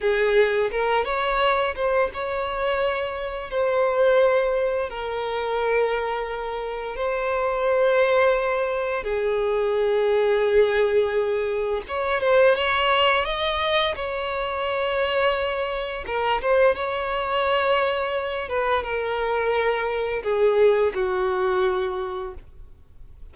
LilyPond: \new Staff \with { instrumentName = "violin" } { \time 4/4 \tempo 4 = 86 gis'4 ais'8 cis''4 c''8 cis''4~ | cis''4 c''2 ais'4~ | ais'2 c''2~ | c''4 gis'2.~ |
gis'4 cis''8 c''8 cis''4 dis''4 | cis''2. ais'8 c''8 | cis''2~ cis''8 b'8 ais'4~ | ais'4 gis'4 fis'2 | }